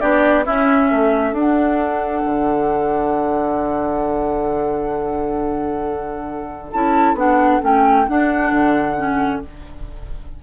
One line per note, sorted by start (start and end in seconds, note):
0.00 0.47 B3
0.00 0.45 D4
0.00 0.45 G4
0.00 0.45 D5
0.46 1.35 C#4
0.46 0.92 C#4
0.46 0.90 E4
0.46 1.34 E5
0.90 1.32 A3
0.90 9.41 A4
1.32 2.22 D4
1.32 6.72 D4
1.32 6.71 F#5
2.25 6.73 D3
6.72 7.14 C#4
6.72 7.17 E4
6.72 7.17 A5
7.14 7.59 B3
7.14 7.61 D4
7.14 7.63 F#5
7.62 8.08 A3
7.62 8.06 C#4
7.62 8.08 G5
8.08 8.97 D4
8.08 8.51 D4
8.08 9.43 F#5
8.51 9.41 D3
8.97 9.42 C#4